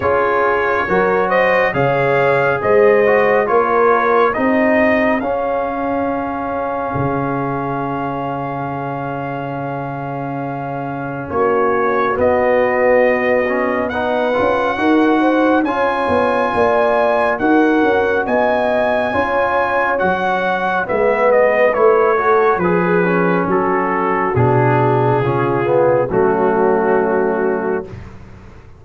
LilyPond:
<<
  \new Staff \with { instrumentName = "trumpet" } { \time 4/4 \tempo 4 = 69 cis''4. dis''8 f''4 dis''4 | cis''4 dis''4 f''2~ | f''1~ | f''4 cis''4 dis''2 |
fis''2 gis''2 | fis''4 gis''2 fis''4 | e''8 dis''8 cis''4 b'4 a'4 | gis'2 fis'2 | }
  \new Staff \with { instrumentName = "horn" } { \time 4/4 gis'4 ais'8 c''8 cis''4 c''4 | ais'4 gis'2.~ | gis'1~ | gis'4 fis'2. |
b'4 ais'8 c''8 cis''4 d''4 | ais'4 dis''4 cis''2 | b'4. a'8 gis'4 fis'4~ | fis'4 f'4 cis'2 | }
  \new Staff \with { instrumentName = "trombone" } { \time 4/4 f'4 fis'4 gis'4. fis'8 | f'4 dis'4 cis'2~ | cis'1~ | cis'2 b4. cis'8 |
dis'8 f'8 fis'4 f'2 | fis'2 f'4 fis'4 | b4 e'8 fis'8 gis'8 cis'4. | d'4 cis'8 b8 a2 | }
  \new Staff \with { instrumentName = "tuba" } { \time 4/4 cis'4 fis4 cis4 gis4 | ais4 c'4 cis'2 | cis1~ | cis4 ais4 b2~ |
b8 cis'8 dis'4 cis'8 b8 ais4 | dis'8 cis'8 b4 cis'4 fis4 | gis4 a4 f4 fis4 | b,4 cis4 fis2 | }
>>